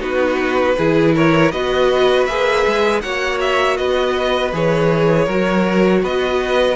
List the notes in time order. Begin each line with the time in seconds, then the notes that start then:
0.00 B3 D#4 F#4 B4
0.78 E3 E4 G#4
1.15 A#4 C#5
1.52 B3 F#4 B4 D#5
2.26 A#3 G#4 E5
2.66 G#3
3.01 A#3 F#4 C#5 F#5
3.40 E5
3.77 B3 B4 D#5
4.53 E3 G#4 C#5
5.25 F#3 F#4 A#4
6.03 B3 B4 D#5